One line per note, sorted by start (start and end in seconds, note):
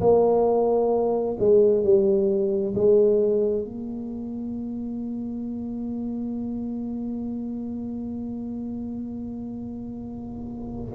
0.00 1.36 A#3
1.39 1.83 G#3
1.83 2.74 G3
2.74 3.64 G#3
3.64 10.92 A#3